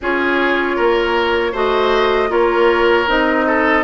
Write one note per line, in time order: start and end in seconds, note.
0.01 0.78 C#4
0.01 1.53 F4
0.01 0.76 G#4
0.01 1.56 C#5
0.76 1.53 A#3
0.76 1.52 A#4
1.52 2.29 A3
1.52 2.28 F#4
1.52 2.29 C5
1.52 2.32 D#5
2.28 3.06 A#3
2.28 3.05 F4
2.28 3.46 A#4
2.28 3.08 C#5
3.07 3.83 C4
3.07 3.83 D#4
3.07 3.83 D#5
3.46 3.83 A4